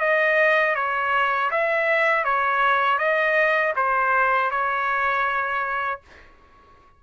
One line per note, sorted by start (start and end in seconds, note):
0.00 0.75 D#5
0.75 1.50 C#5
1.51 2.24 E5
2.24 2.99 C#5
2.99 3.74 D#5
3.76 4.51 C5
4.51 6.01 C#5